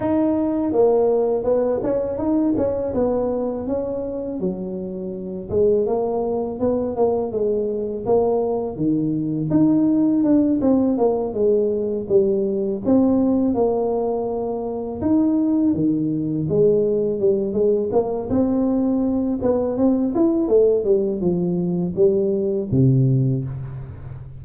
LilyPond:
\new Staff \with { instrumentName = "tuba" } { \time 4/4 \tempo 4 = 82 dis'4 ais4 b8 cis'8 dis'8 cis'8 | b4 cis'4 fis4. gis8 | ais4 b8 ais8 gis4 ais4 | dis4 dis'4 d'8 c'8 ais8 gis8~ |
gis8 g4 c'4 ais4.~ | ais8 dis'4 dis4 gis4 g8 | gis8 ais8 c'4. b8 c'8 e'8 | a8 g8 f4 g4 c4 | }